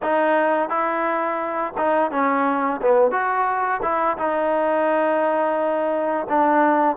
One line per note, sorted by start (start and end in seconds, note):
0.02 0.68 D#4
0.68 1.73 E4
1.77 2.11 D#4
2.11 2.80 C#4
2.81 3.10 B3
3.10 3.80 F#4
3.82 4.17 E4
4.17 6.26 D#4
6.29 6.96 D4